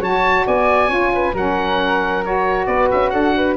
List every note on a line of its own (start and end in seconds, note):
0.00 0.44 F#3
0.00 0.88 F#4
0.00 0.45 C#5
0.00 0.47 A5
0.46 0.88 B3
0.46 0.89 D5
0.46 1.36 G#5
0.88 1.33 C#4
0.88 1.33 F4
0.88 1.11 C#5
1.14 1.34 B4
1.33 2.66 F#3
1.33 2.24 C#4
1.33 2.67 A#4
1.33 2.25 F#5
2.24 3.57 F#4
2.24 2.67 C#5
2.67 2.90 B3
2.67 3.12 B4
2.67 2.89 D5
2.91 3.13 C#4
2.91 3.10 E5
3.10 3.57 D4
3.10 3.35 A4
3.10 3.54 F#5
3.37 3.57 B4